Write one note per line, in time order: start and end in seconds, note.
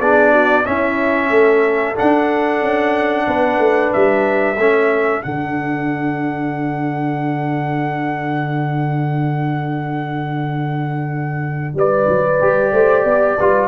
0.00 0.65 B3
0.00 0.65 D4
0.00 0.32 G#4
0.00 0.65 D5
0.32 0.65 F#4
0.65 1.95 C#4
0.65 1.31 C#4
0.65 1.29 E4
0.65 1.96 E5
1.29 1.96 A3
1.29 3.25 A4
1.95 4.56 D4
1.95 2.62 D4
1.95 3.93 F#5
2.62 3.27 C#4
3.27 3.59 B3
3.27 4.59 B4
3.59 3.91 A3
3.93 4.57 G3
3.93 5.22 E5
4.57 5.22 A3
4.57 5.21 C#4
4.57 11.76 A4
5.21 11.74 D3
5.21 12.39 D4
5.21 11.75 F#5
11.74 12.07 G3
11.74 12.73 B4
11.74 13.68 D5
12.08 12.40 F#3
12.41 12.72 G3
12.41 13.38 G4
12.72 13.05 A3
12.72 13.04 C5
13.04 13.38 B3
13.04 13.37 D5
13.38 13.68 G3
13.38 13.68 F4
13.38 13.68 B4